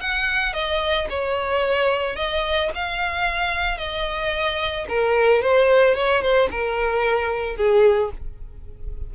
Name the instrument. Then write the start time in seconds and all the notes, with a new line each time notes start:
violin
0.00 F#5
0.53 D#5
1.09 C#5
2.16 D#5
2.74 F5
3.77 D#5
4.88 A#4
5.42 C5
5.94 C#5
6.22 C5
6.51 A#4
7.56 G#4